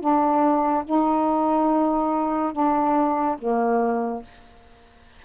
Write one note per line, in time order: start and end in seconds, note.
0.00 0.85 D4
0.85 2.52 D#4
2.52 3.37 D4
3.38 4.23 A#3